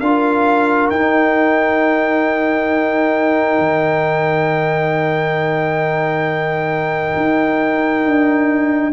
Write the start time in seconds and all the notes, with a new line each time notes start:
0.00 D4 F4 A#4 F5
0.90 D#4 G5
3.59 D#3
7.16 D#4
8.06 D4